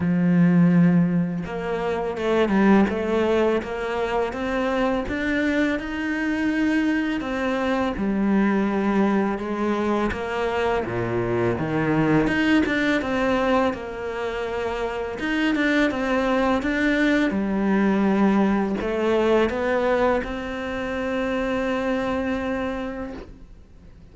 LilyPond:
\new Staff \with { instrumentName = "cello" } { \time 4/4 \tempo 4 = 83 f2 ais4 a8 g8 | a4 ais4 c'4 d'4 | dis'2 c'4 g4~ | g4 gis4 ais4 ais,4 |
dis4 dis'8 d'8 c'4 ais4~ | ais4 dis'8 d'8 c'4 d'4 | g2 a4 b4 | c'1 | }